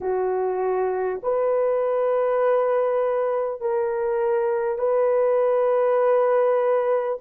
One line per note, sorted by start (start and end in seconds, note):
0.00 1.20 F#4
1.23 3.60 B4
3.60 4.78 A#4
4.78 7.18 B4